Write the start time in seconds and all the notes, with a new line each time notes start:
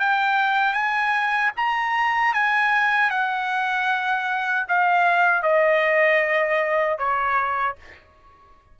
0.00 G5
0.74 G#5
1.57 A#5
2.34 G#5
3.11 F#5
4.69 F5
5.43 D#5
6.98 C#5